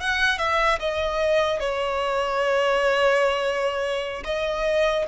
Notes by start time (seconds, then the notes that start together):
0.00 F#5
0.38 E5
0.79 D#5
1.60 C#5
4.24 D#5